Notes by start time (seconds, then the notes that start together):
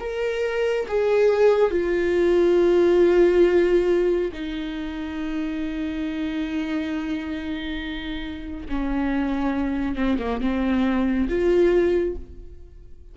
0.00 A#4
0.87 G#4
1.71 F4
4.32 D#4
8.69 C#4
9.96 C4
10.19 A#3
10.41 C4
11.29 F4